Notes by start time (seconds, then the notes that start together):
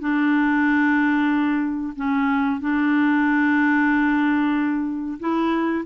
0.00 D4
1.96 C#4
2.60 D4
5.20 E4